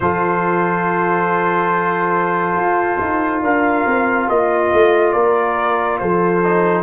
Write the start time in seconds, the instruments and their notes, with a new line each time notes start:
0.00 tuba F3, trombone F4, horn A4, trumpet C5
2.55 tuba F4
3.00 tuba D#4
3.41 tuba D4, horn A#4, trumpet F5
3.86 tuba C4
4.28 tuba A#3, horn F4, trumpet D#5
4.72 tuba A3
5.12 tuba A#3, horn A#4, trumpet D5
5.98 tuba F3, horn A4, trumpet C5
6.43 trombone D#4